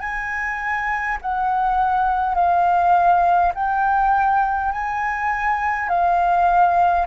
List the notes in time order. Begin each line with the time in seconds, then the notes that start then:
0.00 G#5
1.21 F#5
2.35 F5
3.54 G5
4.72 G#5
5.89 F5